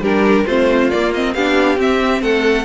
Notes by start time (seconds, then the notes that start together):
0.00 G3 D4 G4 A#4
0.45 A3 C4 F4 C5
0.90 A#3 D5
1.14 C4 D#5
1.34 B3 D4 G4 F5
1.77 C4 E5
2.21 A3 A4 F#5